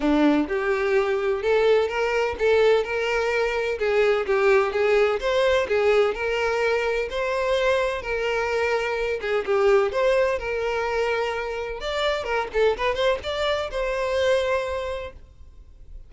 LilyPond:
\new Staff \with { instrumentName = "violin" } { \time 4/4 \tempo 4 = 127 d'4 g'2 a'4 | ais'4 a'4 ais'2 | gis'4 g'4 gis'4 c''4 | gis'4 ais'2 c''4~ |
c''4 ais'2~ ais'8 gis'8 | g'4 c''4 ais'2~ | ais'4 d''4 ais'8 a'8 b'8 c''8 | d''4 c''2. | }